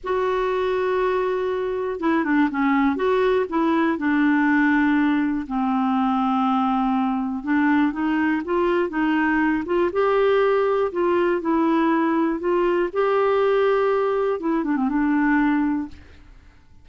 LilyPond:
\new Staff \with { instrumentName = "clarinet" } { \time 4/4 \tempo 4 = 121 fis'1 | e'8 d'8 cis'4 fis'4 e'4 | d'2. c'4~ | c'2. d'4 |
dis'4 f'4 dis'4. f'8 | g'2 f'4 e'4~ | e'4 f'4 g'2~ | g'4 e'8 d'16 c'16 d'2 | }